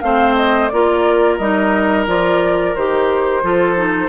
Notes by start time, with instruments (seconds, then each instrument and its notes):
0.00 bassoon A3, clarinet C4, oboe C5, flute F5
0.36 flute D#5
0.68 bassoon A#3, clarinet F4, oboe A#4, flute D5
1.37 bassoon G3, clarinet D#4, flute D#5
2.06 bassoon F3, clarinet F4, flute D5
2.75 bassoon D#3, clarinet G4, flute C5
3.42 bassoon F3, clarinet F4, oboe A4
3.76 clarinet D#4